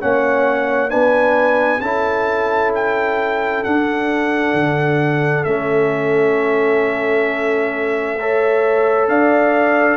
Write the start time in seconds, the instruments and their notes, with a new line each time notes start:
0.00 tuba A#3, trombone C#4, horn C#5, trumpet F#5
0.89 tuba B3, trombone D4, horn B4, trumpet G#5
1.80 tuba C#4, trombone E4, horn A4, trumpet A5
2.75 trumpet G5
3.64 trombone D4, tuba D4, trumpet F#5
4.53 tuba D3
5.44 tuba A3, trombone C#4, trumpet E5
8.19 trombone A4, horn C#5
9.08 tuba D4, horn D5, trumpet F5